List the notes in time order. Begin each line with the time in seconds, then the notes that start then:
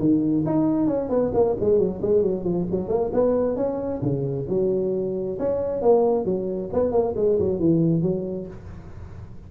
0.00 D#3
0.46 D#4
0.88 C#4
1.10 B3
1.34 A#3
1.61 G#3
1.79 F#3
2.02 G#3
2.23 F#3
2.45 F3
2.72 F#3
2.89 A#3
3.13 B3
3.57 C#4
4.03 C#3
4.49 F#3
5.39 C#4
5.82 A#3
6.26 F#3
6.73 B3
6.92 A#3
7.17 G#3
7.40 F#3
7.60 E3
8.03 F#3